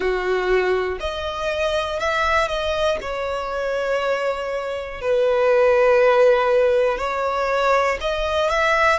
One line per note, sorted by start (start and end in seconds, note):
0.00 0.98 F#4
1.00 1.99 D#5
1.99 2.48 E5
2.48 2.98 D#5
3.01 5.00 C#5
5.00 6.98 B4
6.98 7.98 C#5
8.00 8.49 D#5
8.49 8.99 E5